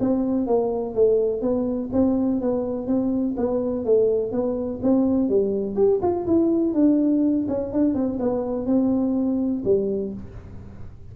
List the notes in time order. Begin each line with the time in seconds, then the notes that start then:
0.00 C4
0.46 A#3
0.94 A3
1.41 B3
1.92 C4
2.41 B3
2.87 C4
3.37 B3
3.85 A3
4.32 B3
4.83 C4
5.29 G3
5.76 G4
6.02 F4
6.26 E4
6.74 D4
7.48 C#4
7.72 D4
7.94 C4
8.19 B3
8.66 C4
9.64 G3